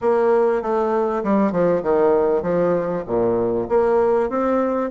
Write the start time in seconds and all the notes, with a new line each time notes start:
0.01 A#3
0.62 A3
1.23 G3
1.51 F3
1.83 D#3
2.42 F3
3.06 A#2
3.68 A#3
4.29 C4